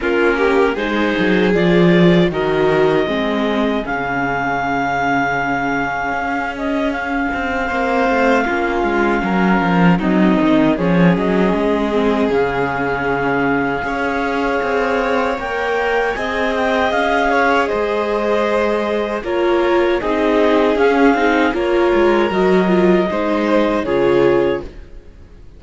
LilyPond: <<
  \new Staff \with { instrumentName = "clarinet" } { \time 4/4 \tempo 4 = 78 ais'4 c''4 d''4 dis''4~ | dis''4 f''2.~ | f''8 dis''8 f''2.~ | f''4 dis''4 cis''8 dis''4. |
f''1 | g''4 gis''8 g''8 f''4 dis''4~ | dis''4 cis''4 dis''4 f''4 | cis''4 dis''2 cis''4 | }
  \new Staff \with { instrumentName = "violin" } { \time 4/4 f'8 g'8 gis'2 ais'4 | gis'1~ | gis'2 c''4 f'4 | ais'4 dis'4 gis'2~ |
gis'2 cis''2~ | cis''4 dis''4. cis''8 c''4~ | c''4 ais'4 gis'2 | ais'2 c''4 gis'4 | }
  \new Staff \with { instrumentName = "viola" } { \time 4/4 cis'4 dis'4 f'4 fis'4 | c'4 cis'2.~ | cis'2 c'4 cis'4~ | cis'4 c'4 cis'4. c'8 |
cis'2 gis'2 | ais'4 gis'2.~ | gis'4 f'4 dis'4 cis'8 dis'8 | f'4 fis'8 f'8 dis'4 f'4 | }
  \new Staff \with { instrumentName = "cello" } { \time 4/4 ais4 gis8 fis8 f4 dis4 | gis4 cis2. | cis'4. c'8 ais8 a8 ais8 gis8 | fis8 f8 fis8 dis8 f8 fis8 gis4 |
cis2 cis'4 c'4 | ais4 c'4 cis'4 gis4~ | gis4 ais4 c'4 cis'8 c'8 | ais8 gis8 fis4 gis4 cis4 | }
>>